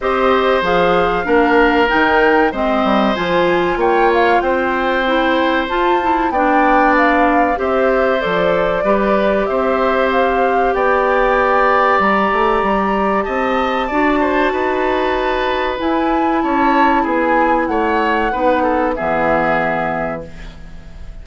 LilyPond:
<<
  \new Staff \with { instrumentName = "flute" } { \time 4/4 \tempo 4 = 95 dis''4 f''2 g''4 | dis''4 gis''4 g''8 f''8 g''4~ | g''4 a''4 g''4 f''4 | e''4 d''2 e''4 |
f''4 g''2 ais''4~ | ais''4 a''2.~ | a''4 gis''4 a''4 gis''4 | fis''2 e''2 | }
  \new Staff \with { instrumentName = "oboe" } { \time 4/4 c''2 ais'2 | c''2 cis''4 c''4~ | c''2 d''2 | c''2 b'4 c''4~ |
c''4 d''2.~ | d''4 dis''4 d''8 c''8 b'4~ | b'2 cis''4 gis'4 | cis''4 b'8 a'8 gis'2 | }
  \new Staff \with { instrumentName = "clarinet" } { \time 4/4 g'4 gis'4 d'4 dis'4 | c'4 f'2. | e'4 f'8 e'8 d'2 | g'4 a'4 g'2~ |
g'1~ | g'2 fis'2~ | fis'4 e'2.~ | e'4 dis'4 b2 | }
  \new Staff \with { instrumentName = "bassoon" } { \time 4/4 c'4 f4 ais4 dis4 | gis8 g8 f4 ais4 c'4~ | c'4 f'4 b2 | c'4 f4 g4 c'4~ |
c'4 b2 g8 a8 | g4 c'4 d'4 dis'4~ | dis'4 e'4 cis'4 b4 | a4 b4 e2 | }
>>